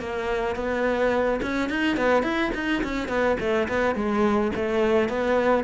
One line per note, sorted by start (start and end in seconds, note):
0.00 0.56 A#3
0.56 1.40 B3
1.42 1.69 C#4
1.69 1.97 D#4
1.97 2.23 B3
2.23 2.51 E4
2.54 2.83 D#4
2.83 3.08 C#4
3.08 3.37 B3
3.40 3.68 A3
3.68 3.95 B3
3.95 4.52 G#3
4.55 5.09 A3
5.09 5.64 B3